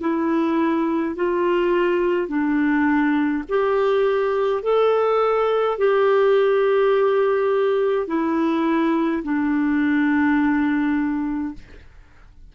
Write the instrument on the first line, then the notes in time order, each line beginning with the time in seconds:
clarinet
0.00 E4
1.15 F4
2.28 D4
3.49 G4
4.62 A4
5.77 G4
8.07 E4
9.23 D4